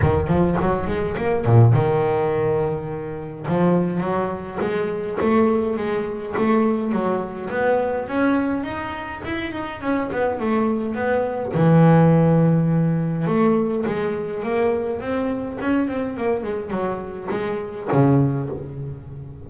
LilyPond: \new Staff \with { instrumentName = "double bass" } { \time 4/4 \tempo 4 = 104 dis8 f8 fis8 gis8 ais8 ais,8 dis4~ | dis2 f4 fis4 | gis4 a4 gis4 a4 | fis4 b4 cis'4 dis'4 |
e'8 dis'8 cis'8 b8 a4 b4 | e2. a4 | gis4 ais4 c'4 cis'8 c'8 | ais8 gis8 fis4 gis4 cis4 | }